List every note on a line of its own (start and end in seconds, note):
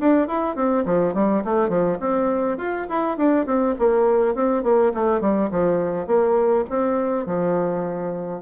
0.00 0.28 D4
0.28 0.56 E4
0.56 0.85 C4
0.86 1.15 F3
1.15 1.44 G3
1.45 1.69 A3
1.69 1.98 F3
2.00 2.58 C4
2.58 2.87 F4
2.89 3.17 E4
3.17 3.46 D4
3.46 3.75 C4
3.79 4.35 A#3
4.35 4.64 C4
4.64 4.93 A#3
4.94 5.21 A3
5.21 5.50 G3
5.51 6.07 F3
6.07 6.65 A#3
6.70 7.27 C4
7.27 8.42 F3